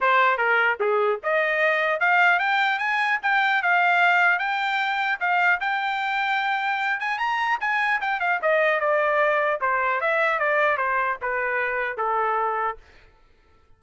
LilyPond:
\new Staff \with { instrumentName = "trumpet" } { \time 4/4 \tempo 4 = 150 c''4 ais'4 gis'4 dis''4~ | dis''4 f''4 g''4 gis''4 | g''4 f''2 g''4~ | g''4 f''4 g''2~ |
g''4. gis''8 ais''4 gis''4 | g''8 f''8 dis''4 d''2 | c''4 e''4 d''4 c''4 | b'2 a'2 | }